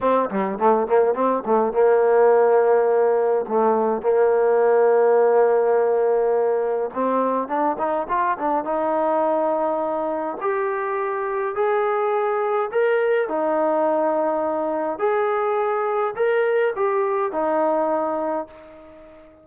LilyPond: \new Staff \with { instrumentName = "trombone" } { \time 4/4 \tempo 4 = 104 c'8 g8 a8 ais8 c'8 a8 ais4~ | ais2 a4 ais4~ | ais1 | c'4 d'8 dis'8 f'8 d'8 dis'4~ |
dis'2 g'2 | gis'2 ais'4 dis'4~ | dis'2 gis'2 | ais'4 g'4 dis'2 | }